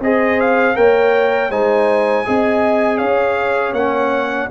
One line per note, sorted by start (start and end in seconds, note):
0.00 0.75 C4
0.00 0.75 G#4
0.00 0.77 C5
0.00 0.40 D#5
0.40 0.76 F5
0.75 1.50 A#3
0.75 1.50 A#4
0.75 1.50 C#5
0.75 1.51 G5
1.50 2.25 G#3
1.50 2.25 D#4
1.50 2.25 C5
1.50 2.98 G#5
2.25 3.01 C4
2.25 3.75 G#4
2.25 2.98 D#5
2.98 3.72 C#4
2.98 4.48 C#5
2.98 3.73 F5
3.72 4.47 A#3
3.72 4.50 C#4
3.72 4.48 F#5